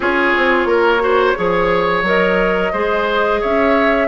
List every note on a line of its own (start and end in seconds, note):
0.00 0.32 C#4
0.00 0.99 F4
0.00 0.68 G#4
0.00 2.05 C#5
0.37 0.65 C4
0.65 1.33 A#3
0.65 1.02 A#4
0.99 1.34 F#4
0.99 1.37 C5
1.35 2.02 F3
1.35 2.03 G#4
1.35 2.72 C#5
2.02 2.70 F#3
2.02 2.73 A#4
2.02 3.42 D#5
2.72 3.41 G#3
2.72 4.07 G#4
2.72 3.40 C5
3.40 4.07 C#4
3.40 4.07 C#5
3.40 4.07 E5